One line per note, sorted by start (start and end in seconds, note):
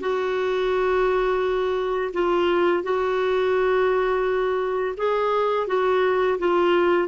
0.00 2.12 F#4
2.13 2.83 F4
2.83 4.95 F#4
4.97 5.67 G#4
5.67 6.38 F#4
6.39 7.08 F4